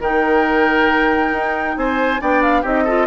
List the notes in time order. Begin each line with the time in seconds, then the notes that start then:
0.00 D#3 D#4 A#4 G5
1.32 D#4
1.77 C4 C5 G#5
2.20 B3 D4 D5 G5
2.42 F5
2.62 C4 D#4 G4 D#5
2.84 F4 A4